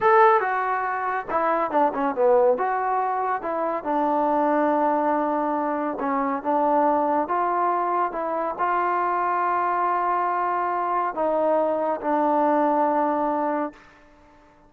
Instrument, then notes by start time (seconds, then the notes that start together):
trombone
0.00 A4
0.40 F#4
1.30 E4
1.70 D4
1.94 C#4
2.15 B3
2.57 F#4
3.41 E4
3.83 D4
5.99 C#4
6.42 D4
7.27 F4
8.12 E4
8.58 F4
11.14 D#4
12.01 D4